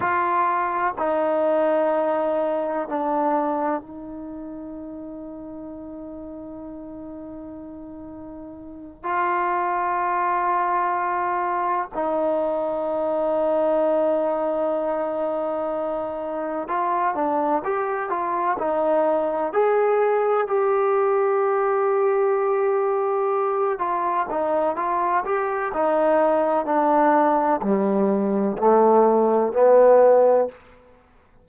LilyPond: \new Staff \with { instrumentName = "trombone" } { \time 4/4 \tempo 4 = 63 f'4 dis'2 d'4 | dis'1~ | dis'4. f'2~ f'8~ | f'8 dis'2.~ dis'8~ |
dis'4. f'8 d'8 g'8 f'8 dis'8~ | dis'8 gis'4 g'2~ g'8~ | g'4 f'8 dis'8 f'8 g'8 dis'4 | d'4 g4 a4 b4 | }